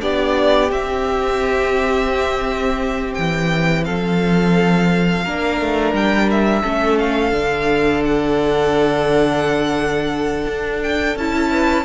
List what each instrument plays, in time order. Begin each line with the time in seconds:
0.00 cello B3, viola D4, violin G4 D5
0.71 cello C4, viola C4, violin E5
3.14 cello E3, violin G5
3.85 cello F3, violin A4 F5
5.24 cello A#3, viola D4, violin A#4
5.61 cello A3
5.93 cello G3, violin G5
6.31 violin E5
6.62 cello A3, viola C#4, violin A4
6.99 violin F5
7.32 cello D3, viola D4
8.05 violin F#5
10.47 cello D4
10.83 violin G5
11.16 cello C#4, viola E4, violin A5
11.51 violin B4